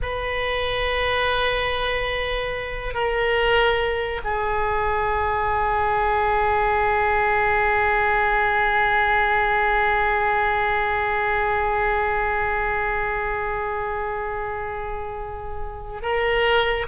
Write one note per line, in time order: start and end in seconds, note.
0.02 2.93 B4
2.93 4.20 A#4
4.23 16.01 G#4
16.01 16.86 A#4